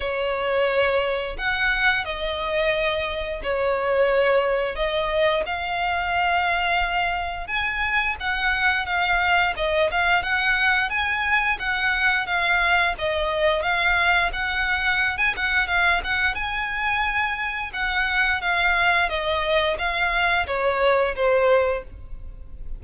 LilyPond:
\new Staff \with { instrumentName = "violin" } { \time 4/4 \tempo 4 = 88 cis''2 fis''4 dis''4~ | dis''4 cis''2 dis''4 | f''2. gis''4 | fis''4 f''4 dis''8 f''8 fis''4 |
gis''4 fis''4 f''4 dis''4 | f''4 fis''4~ fis''16 gis''16 fis''8 f''8 fis''8 | gis''2 fis''4 f''4 | dis''4 f''4 cis''4 c''4 | }